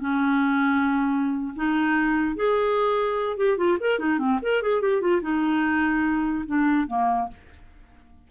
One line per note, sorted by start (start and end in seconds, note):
0.00 1.54 C#4
1.56 2.36 D#4
2.36 3.37 G#4
3.37 3.58 G4
3.58 3.78 F4
3.80 3.99 A#4
3.99 4.19 D#4
4.19 4.39 C4
4.42 4.62 A#4
4.62 4.82 G#4
4.82 5.01 G4
5.01 5.22 F4
5.22 6.45 D#4
6.46 6.87 D4
6.87 7.28 A#3